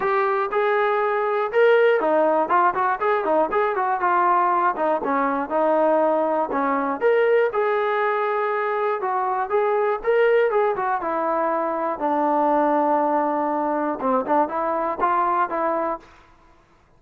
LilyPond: \new Staff \with { instrumentName = "trombone" } { \time 4/4 \tempo 4 = 120 g'4 gis'2 ais'4 | dis'4 f'8 fis'8 gis'8 dis'8 gis'8 fis'8 | f'4. dis'8 cis'4 dis'4~ | dis'4 cis'4 ais'4 gis'4~ |
gis'2 fis'4 gis'4 | ais'4 gis'8 fis'8 e'2 | d'1 | c'8 d'8 e'4 f'4 e'4 | }